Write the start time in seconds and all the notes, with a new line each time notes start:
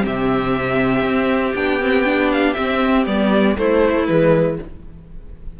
0.00 C4 G4 E5
0.06 C3
1.02 C4
1.54 B3 D4 G5
1.80 C4
2.05 D4
2.32 F5
2.53 C4 E5
3.05 G3 B3 D5
3.56 A3 E4 C5
4.06 E3 G#3 B4